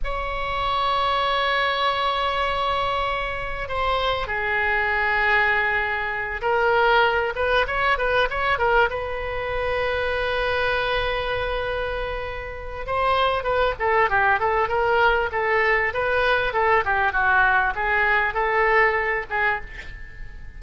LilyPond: \new Staff \with { instrumentName = "oboe" } { \time 4/4 \tempo 4 = 98 cis''1~ | cis''2 c''4 gis'4~ | gis'2~ gis'8 ais'4. | b'8 cis''8 b'8 cis''8 ais'8 b'4.~ |
b'1~ | b'4 c''4 b'8 a'8 g'8 a'8 | ais'4 a'4 b'4 a'8 g'8 | fis'4 gis'4 a'4. gis'8 | }